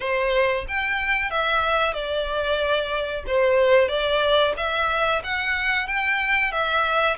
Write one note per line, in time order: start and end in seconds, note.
0.00 0.65 C5
0.68 1.30 G5
1.30 1.93 E5
1.93 3.23 D5
3.26 3.88 C5
3.88 4.53 D5
4.57 5.22 E5
5.24 5.87 F#5
5.87 6.51 G5
6.51 7.17 E5